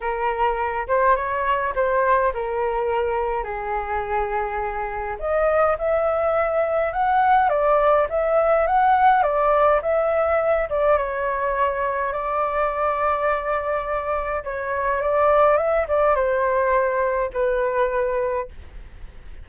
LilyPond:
\new Staff \with { instrumentName = "flute" } { \time 4/4 \tempo 4 = 104 ais'4. c''8 cis''4 c''4 | ais'2 gis'2~ | gis'4 dis''4 e''2 | fis''4 d''4 e''4 fis''4 |
d''4 e''4. d''8 cis''4~ | cis''4 d''2.~ | d''4 cis''4 d''4 e''8 d''8 | c''2 b'2 | }